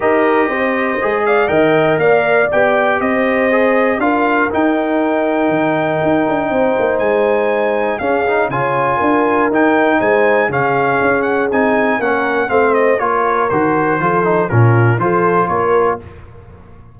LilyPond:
<<
  \new Staff \with { instrumentName = "trumpet" } { \time 4/4 \tempo 4 = 120 dis''2~ dis''8 f''8 g''4 | f''4 g''4 dis''2 | f''4 g''2.~ | g''2 gis''2 |
f''4 gis''2 g''4 | gis''4 f''4. fis''8 gis''4 | fis''4 f''8 dis''8 cis''4 c''4~ | c''4 ais'4 c''4 cis''4 | }
  \new Staff \with { instrumentName = "horn" } { \time 4/4 ais'4 c''4. d''8 dis''4 | d''2 c''2 | ais'1~ | ais'4 c''2. |
gis'4 cis''4 ais'2 | c''4 gis'2. | ais'4 c''4 ais'2 | a'4 f'4 a'4 ais'4 | }
  \new Staff \with { instrumentName = "trombone" } { \time 4/4 g'2 gis'4 ais'4~ | ais'4 g'2 gis'4 | f'4 dis'2.~ | dis'1 |
cis'8 dis'8 f'2 dis'4~ | dis'4 cis'2 dis'4 | cis'4 c'4 f'4 fis'4 | f'8 dis'8 cis'4 f'2 | }
  \new Staff \with { instrumentName = "tuba" } { \time 4/4 dis'4 c'4 gis4 dis4 | ais4 b4 c'2 | d'4 dis'2 dis4 | dis'8 d'8 c'8 ais8 gis2 |
cis'4 cis4 d'4 dis'4 | gis4 cis4 cis'4 c'4 | ais4 a4 ais4 dis4 | f4 ais,4 f4 ais4 | }
>>